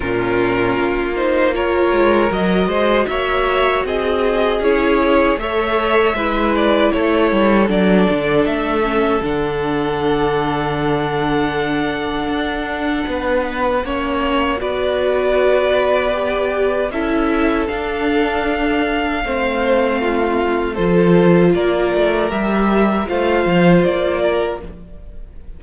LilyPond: <<
  \new Staff \with { instrumentName = "violin" } { \time 4/4 \tempo 4 = 78 ais'4. c''8 cis''4 dis''4 | e''4 dis''4 cis''4 e''4~ | e''8 d''8 cis''4 d''4 e''4 | fis''1~ |
fis''2. d''4~ | d''2 e''4 f''4~ | f''2. c''4 | d''4 e''4 f''4 d''4 | }
  \new Staff \with { instrumentName = "violin" } { \time 4/4 f'2 ais'4. c''8 | cis''4 gis'2 cis''4 | b'4 a'2.~ | a'1~ |
a'4 b'4 cis''4 b'4~ | b'2 a'2~ | a'4 c''4 f'4 a'4 | ais'2 c''4. ais'8 | }
  \new Staff \with { instrumentName = "viola" } { \time 4/4 cis'4. dis'8 f'4 fis'4~ | fis'2 e'4 a'4 | e'2 d'4. cis'8 | d'1~ |
d'2 cis'4 fis'4~ | fis'4 g'4 e'4 d'4~ | d'4 c'2 f'4~ | f'4 g'4 f'2 | }
  \new Staff \with { instrumentName = "cello" } { \time 4/4 ais,4 ais4. gis8 fis8 gis8 | ais4 c'4 cis'4 a4 | gis4 a8 g8 fis8 d8 a4 | d1 |
d'4 b4 ais4 b4~ | b2 cis'4 d'4~ | d'4 a2 f4 | ais8 a8 g4 a8 f8 ais4 | }
>>